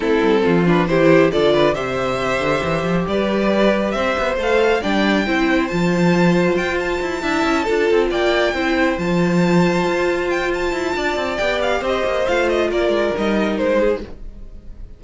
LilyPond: <<
  \new Staff \with { instrumentName = "violin" } { \time 4/4 \tempo 4 = 137 a'4. b'8 c''4 d''4 | e''2. d''4~ | d''4 e''4 f''4 g''4~ | g''4 a''2 g''8 a''8~ |
a''2~ a''8 g''4.~ | g''8 a''2. g''8 | a''2 g''8 f''8 dis''4 | f''8 dis''8 d''4 dis''4 c''4 | }
  \new Staff \with { instrumentName = "violin" } { \time 4/4 e'4 f'4 g'4 a'8 b'8 | c''2. b'4~ | b'4 c''2 d''4 | c''1~ |
c''8 e''4 a'4 d''4 c''8~ | c''1~ | c''4 d''2 c''4~ | c''4 ais'2~ ais'8 gis'8 | }
  \new Staff \with { instrumentName = "viola" } { \time 4/4 c'4. d'8 e'4 f'4 | g'1~ | g'2 a'4 d'4 | e'4 f'2.~ |
f'8 e'4 f'2 e'8~ | e'8 f'2.~ f'8~ | f'2 g'2 | f'2 dis'2 | }
  \new Staff \with { instrumentName = "cello" } { \time 4/4 a8 g8 f4 e4 d4 | c4. d8 e8 f8 g4~ | g4 c'8 b8 a4 g4 | c'4 f2 f'4 |
e'8 d'8 cis'8 d'8 c'8 ais4 c'8~ | c'8 f2 f'4.~ | f'8 e'8 d'8 c'8 b4 c'8 ais8 | a4 ais8 gis8 g4 gis4 | }
>>